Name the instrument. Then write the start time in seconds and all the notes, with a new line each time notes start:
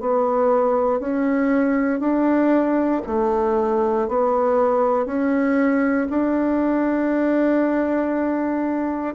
bassoon
0.00 B3
0.99 C#4
1.99 D4
3.06 A3
4.08 B3
5.05 C#4
6.09 D4